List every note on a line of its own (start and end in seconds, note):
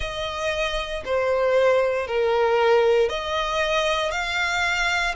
0.00 1.03 D#5
1.04 2.07 C5
2.07 3.08 A#4
3.08 4.11 D#5
4.11 5.14 F5